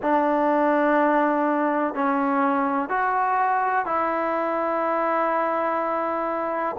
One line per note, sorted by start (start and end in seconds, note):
0.02 1.94 D4
1.94 2.89 C#4
2.89 3.85 F#4
3.85 6.76 E4